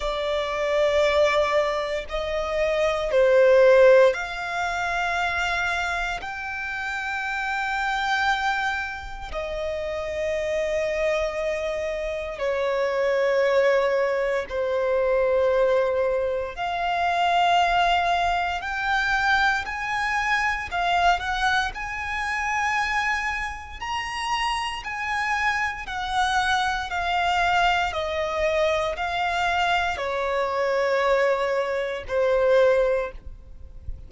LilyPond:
\new Staff \with { instrumentName = "violin" } { \time 4/4 \tempo 4 = 58 d''2 dis''4 c''4 | f''2 g''2~ | g''4 dis''2. | cis''2 c''2 |
f''2 g''4 gis''4 | f''8 fis''8 gis''2 ais''4 | gis''4 fis''4 f''4 dis''4 | f''4 cis''2 c''4 | }